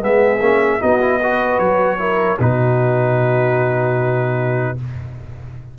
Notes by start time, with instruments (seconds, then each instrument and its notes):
0.00 tuba G#3, trombone B3, horn G#4, trumpet E5
0.40 tuba A#3, trombone C#4
0.80 tuba B3, trombone D#4, horn F#4, trumpet D#5
1.00 trombone E4
1.20 trombone F#4, horn B4
1.59 tuba F#3, trumpet C#5
1.98 trombone E4, horn A#4
2.39 tuba B2, trombone D#4, horn F#4, trumpet B4